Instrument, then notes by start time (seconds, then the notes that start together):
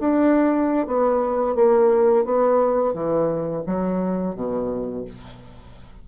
bassoon
0.00 D4
0.87 B3
1.55 A#3
2.25 B3
2.93 E3
3.66 F#3
4.35 B2